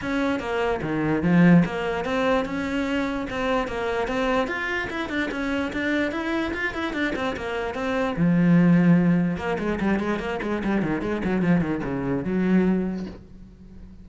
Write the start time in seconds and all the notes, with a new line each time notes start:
0.01 C#4
0.39 A#3
0.82 D#3
1.22 F3
1.65 A#3
2.04 C4
2.45 C#4
3.29 C4
3.67 A#3
4.07 C4
4.47 F4
4.90 E4
5.09 D4
5.31 C#4
5.72 D4
6.11 E4
6.53 F4
6.74 E4
6.93 D4
7.15 C4
7.36 A#3
7.74 C4
8.16 F3
9.37 A#3
9.58 G#3
9.80 G3
9.99 G#3
10.19 A#3
10.42 G#3
10.63 G3
10.82 D#3
11.01 G#3
11.24 F#3
11.41 F3
11.60 D#3
11.83 C#3
12.24 F#3